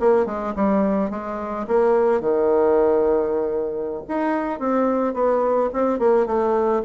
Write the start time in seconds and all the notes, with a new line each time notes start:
0.00 A#3
0.26 G#3
0.56 G3
1.10 G#3
1.68 A#3
2.21 D#3
4.08 D#4
4.60 C4
5.14 B3
5.73 C4
5.99 A#3
6.27 A3